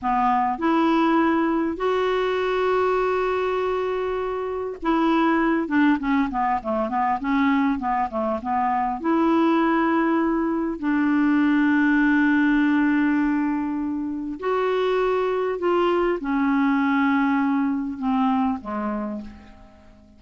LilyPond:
\new Staff \with { instrumentName = "clarinet" } { \time 4/4 \tempo 4 = 100 b4 e'2 fis'4~ | fis'1 | e'4. d'8 cis'8 b8 a8 b8 | cis'4 b8 a8 b4 e'4~ |
e'2 d'2~ | d'1 | fis'2 f'4 cis'4~ | cis'2 c'4 gis4 | }